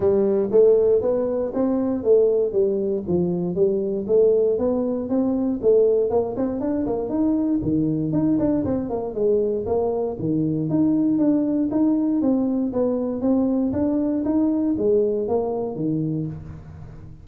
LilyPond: \new Staff \with { instrumentName = "tuba" } { \time 4/4 \tempo 4 = 118 g4 a4 b4 c'4 | a4 g4 f4 g4 | a4 b4 c'4 a4 | ais8 c'8 d'8 ais8 dis'4 dis4 |
dis'8 d'8 c'8 ais8 gis4 ais4 | dis4 dis'4 d'4 dis'4 | c'4 b4 c'4 d'4 | dis'4 gis4 ais4 dis4 | }